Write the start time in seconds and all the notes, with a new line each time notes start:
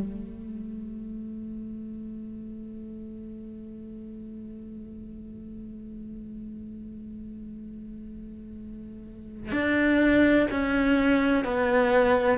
0.00 A3
9.52 D4
10.51 C#4
11.44 B3